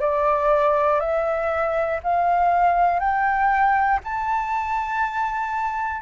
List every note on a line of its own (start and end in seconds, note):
0.00 1.00 D5
1.00 2.00 E5
2.03 3.00 F5
3.00 4.00 G5
4.04 6.02 A5